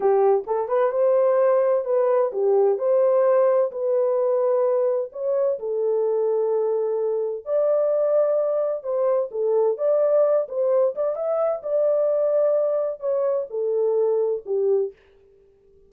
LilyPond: \new Staff \with { instrumentName = "horn" } { \time 4/4 \tempo 4 = 129 g'4 a'8 b'8 c''2 | b'4 g'4 c''2 | b'2. cis''4 | a'1 |
d''2. c''4 | a'4 d''4. c''4 d''8 | e''4 d''2. | cis''4 a'2 g'4 | }